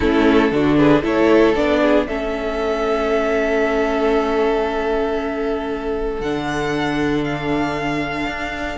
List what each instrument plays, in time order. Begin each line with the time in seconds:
0.00 cello A3, viola C#4, violin E4 A4
0.51 cello D3, viola D4, violin F#4
0.77 violin G#4 B4
1.03 cello A3, viola E4, violin A4 C#5
1.55 cello B3, viola D4, violin D5
1.81 violin G#4
2.06 cello A3, viola C#4, violin A4 E5
6.20 cello D3, viola D4, violin F#5
7.24 violin F5
8.25 cello D4